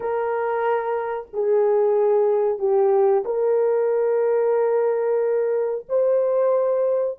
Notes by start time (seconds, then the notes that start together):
0.00 A#4
1.33 G#4
2.58 G4
3.24 A#4
5.89 C5